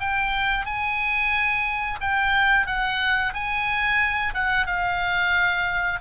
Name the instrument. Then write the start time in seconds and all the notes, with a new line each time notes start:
oboe
0.00 G5
0.66 G#5
2.01 G5
2.66 F#5
3.34 G#5
4.34 F#5
4.66 F5